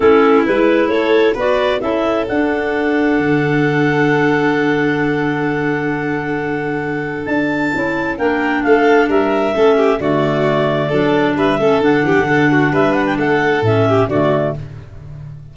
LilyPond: <<
  \new Staff \with { instrumentName = "clarinet" } { \time 4/4 \tempo 4 = 132 a'4 b'4 cis''4 d''4 | e''4 fis''2.~ | fis''1~ | fis''1 |
a''2 g''4 f''4 | e''2 d''2~ | d''4 e''4 fis''2 | e''8 fis''16 g''16 fis''4 e''4 d''4 | }
  \new Staff \with { instrumentName = "violin" } { \time 4/4 e'2 a'4 b'4 | a'1~ | a'1~ | a'1~ |
a'2 ais'4 a'4 | ais'4 a'8 g'8 fis'2 | a'4 b'8 a'4 g'8 a'8 fis'8 | b'4 a'4. g'8 fis'4 | }
  \new Staff \with { instrumentName = "clarinet" } { \time 4/4 cis'4 e'2 fis'4 | e'4 d'2.~ | d'1~ | d'1~ |
d'4 e'4 d'2~ | d'4 cis'4 a2 | d'4. cis'8 d'2~ | d'2 cis'4 a4 | }
  \new Staff \with { instrumentName = "tuba" } { \time 4/4 a4 gis4 a4 b4 | cis'4 d'2 d4~ | d1~ | d1 |
d'4 cis'4 ais4 a4 | g4 a4 d2 | fis4 g8 a8 d8 e16 d4~ d16 | g4 a4 a,4 d4 | }
>>